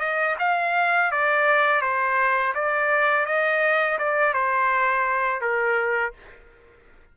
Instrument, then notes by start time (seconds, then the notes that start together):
trumpet
0.00 D#5
0.39 F5
1.11 D5
1.81 C5
2.55 D5
3.26 D#5
3.99 D5
4.33 C5
5.41 A#4